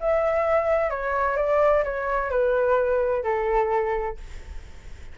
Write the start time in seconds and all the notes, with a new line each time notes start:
0.00 E5
0.90 C#5
1.37 D5
1.84 C#5
2.30 B4
3.23 A4